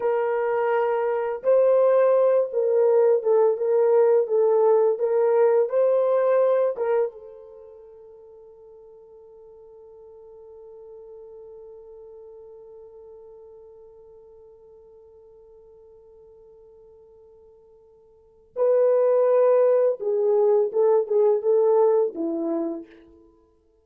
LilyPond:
\new Staff \with { instrumentName = "horn" } { \time 4/4 \tempo 4 = 84 ais'2 c''4. ais'8~ | ais'8 a'8 ais'4 a'4 ais'4 | c''4. ais'8 a'2~ | a'1~ |
a'1~ | a'1~ | a'2 b'2 | gis'4 a'8 gis'8 a'4 e'4 | }